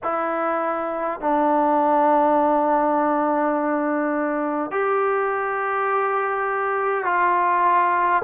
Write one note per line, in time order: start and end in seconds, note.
0.03 1.20 E4
1.20 4.71 D4
4.71 7.04 G4
7.04 8.22 F4